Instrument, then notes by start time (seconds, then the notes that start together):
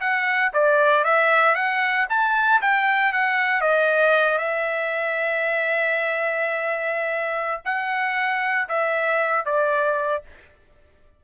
trumpet
0.00 F#5
0.53 D5
1.04 E5
1.55 F#5
2.09 A5
2.61 G5
3.12 F#5
3.61 D#5
4.38 E5
7.65 F#5
8.68 E5
9.45 D5